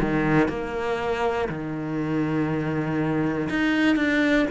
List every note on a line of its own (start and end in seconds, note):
0.00 0.48 D#3
0.48 1.48 A#3
1.49 3.49 D#3
3.49 3.96 D#4
3.96 4.46 D4